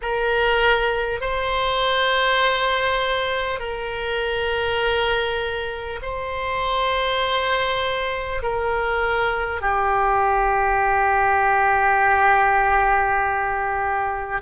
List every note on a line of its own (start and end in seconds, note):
0.01 1.21 A#4
1.21 3.59 C5
3.59 5.99 A#4
6.02 8.42 C5
8.42 9.61 A#4
9.61 14.41 G4